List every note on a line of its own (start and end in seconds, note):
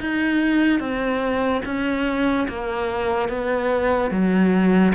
0.00 0.80 D#4
0.80 1.62 C4
1.65 2.47 C#4
2.48 3.29 A#3
3.29 4.11 B3
4.11 4.93 F#3